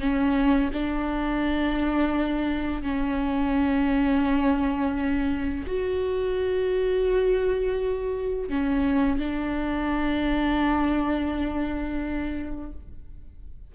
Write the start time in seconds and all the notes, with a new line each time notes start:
0.00 C#4
0.73 D4
2.83 C#4
5.67 F#4
8.49 C#4
9.19 D4